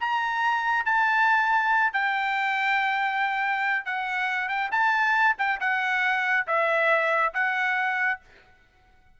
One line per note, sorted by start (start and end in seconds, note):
0.00 0.85 A#5
0.85 1.93 A5
1.93 3.85 G5
3.85 4.48 F#5
4.48 4.70 G5
4.71 5.36 A5
5.38 5.60 G5
5.60 6.46 F#5
6.47 7.33 E5
7.34 8.20 F#5